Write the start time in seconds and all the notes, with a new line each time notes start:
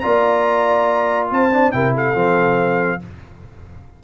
0.00 A#3 F4 D5 A#5
1.31 C4 C5 A5
1.52 D4
1.72 C3 E4 A#4 G5
1.95 A4 F5
2.15 F3 C4